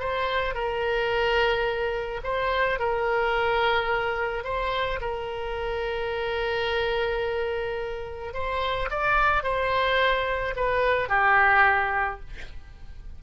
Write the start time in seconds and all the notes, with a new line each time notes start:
0.00 C5
0.55 A#4
2.24 C5
2.80 A#4
4.44 C5
5.01 A#4
8.34 C5
8.91 D5
9.43 C5
10.56 B4
11.09 G4